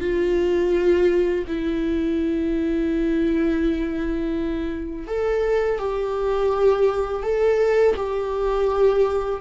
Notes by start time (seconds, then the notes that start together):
0.00 F4
1.47 E4
5.07 A4
5.79 G4
7.23 A4
7.96 G4